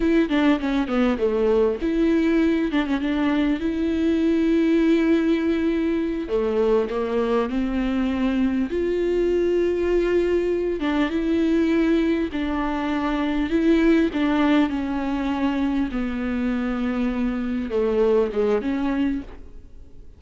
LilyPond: \new Staff \with { instrumentName = "viola" } { \time 4/4 \tempo 4 = 100 e'8 d'8 cis'8 b8 a4 e'4~ | e'8 d'16 cis'16 d'4 e'2~ | e'2~ e'8 a4 ais8~ | ais8 c'2 f'4.~ |
f'2 d'8 e'4.~ | e'8 d'2 e'4 d'8~ | d'8 cis'2 b4.~ | b4. a4 gis8 cis'4 | }